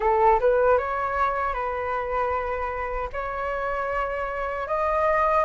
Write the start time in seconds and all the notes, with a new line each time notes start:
0.00 A4
0.40 B4
0.78 C#5
1.53 B4
3.12 C#5
4.67 D#5